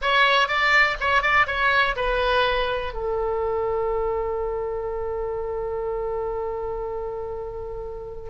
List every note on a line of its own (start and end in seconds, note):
0.01 0.48 C#5
0.48 0.96 D5
1.00 1.22 C#5
1.22 1.46 D5
1.46 1.95 C#5
1.95 2.93 B4
2.93 8.29 A4